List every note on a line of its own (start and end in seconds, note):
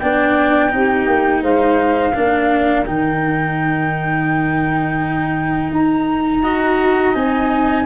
0.00 0.74 B3
0.00 0.70 D4
0.00 0.73 D5
0.00 1.43 G5
0.70 1.07 C4
0.70 2.13 D#4
0.70 1.43 G4
1.07 1.43 A#3
1.43 2.15 G#3
1.43 2.14 C5
1.43 2.86 F5
2.14 2.88 A#3
2.14 2.86 D4
2.14 6.43 A#4
2.86 5.71 D#3
2.86 6.43 D#4
2.86 5.73 G5
5.71 7.14 D#4
5.71 7.15 A#5
6.43 7.15 F#4
6.43 7.86 D#5
7.15 7.86 C4
7.15 7.86 D#4
7.15 7.86 G#5